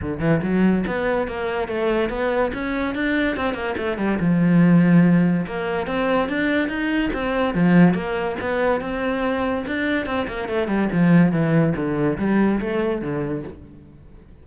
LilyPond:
\new Staff \with { instrumentName = "cello" } { \time 4/4 \tempo 4 = 143 d8 e8 fis4 b4 ais4 | a4 b4 cis'4 d'4 | c'8 ais8 a8 g8 f2~ | f4 ais4 c'4 d'4 |
dis'4 c'4 f4 ais4 | b4 c'2 d'4 | c'8 ais8 a8 g8 f4 e4 | d4 g4 a4 d4 | }